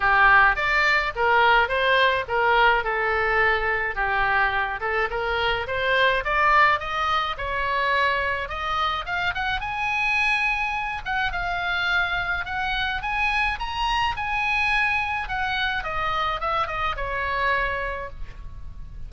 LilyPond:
\new Staff \with { instrumentName = "oboe" } { \time 4/4 \tempo 4 = 106 g'4 d''4 ais'4 c''4 | ais'4 a'2 g'4~ | g'8 a'8 ais'4 c''4 d''4 | dis''4 cis''2 dis''4 |
f''8 fis''8 gis''2~ gis''8 fis''8 | f''2 fis''4 gis''4 | ais''4 gis''2 fis''4 | dis''4 e''8 dis''8 cis''2 | }